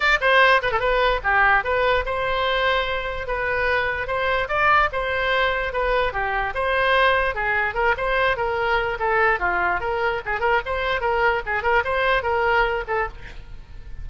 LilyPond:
\new Staff \with { instrumentName = "oboe" } { \time 4/4 \tempo 4 = 147 d''8 c''4 b'16 a'16 b'4 g'4 | b'4 c''2. | b'2 c''4 d''4 | c''2 b'4 g'4 |
c''2 gis'4 ais'8 c''8~ | c''8 ais'4. a'4 f'4 | ais'4 gis'8 ais'8 c''4 ais'4 | gis'8 ais'8 c''4 ais'4. a'8 | }